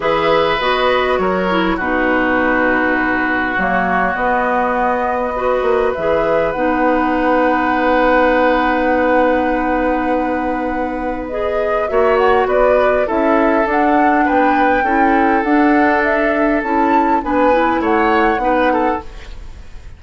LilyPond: <<
  \new Staff \with { instrumentName = "flute" } { \time 4/4 \tempo 4 = 101 e''4 dis''4 cis''4 b'4~ | b'2 cis''4 dis''4~ | dis''2 e''4 fis''4~ | fis''1~ |
fis''2. dis''4 | e''8 fis''8 d''4 e''4 fis''4 | g''2 fis''4 e''4 | a''4 gis''4 fis''2 | }
  \new Staff \with { instrumentName = "oboe" } { \time 4/4 b'2 ais'4 fis'4~ | fis'1~ | fis'4 b'2.~ | b'1~ |
b'1 | cis''4 b'4 a'2 | b'4 a'2.~ | a'4 b'4 cis''4 b'8 a'8 | }
  \new Staff \with { instrumentName = "clarinet" } { \time 4/4 gis'4 fis'4. e'8 dis'4~ | dis'2 ais4 b4~ | b4 fis'4 gis'4 dis'4~ | dis'1~ |
dis'2. gis'4 | fis'2 e'4 d'4~ | d'4 e'4 d'2 | e'4 d'8 e'4. dis'4 | }
  \new Staff \with { instrumentName = "bassoon" } { \time 4/4 e4 b4 fis4 b,4~ | b,2 fis4 b4~ | b4. ais8 e4 b4~ | b1~ |
b1 | ais4 b4 cis'4 d'4 | b4 cis'4 d'2 | cis'4 b4 a4 b4 | }
>>